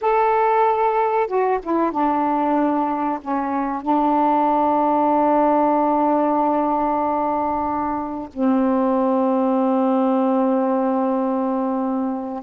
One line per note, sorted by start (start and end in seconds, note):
0.01 1.27 A4
1.27 1.59 F#4
1.62 1.91 E4
1.91 3.19 D4
3.21 3.82 C#4
3.82 8.28 D4
8.33 12.43 C4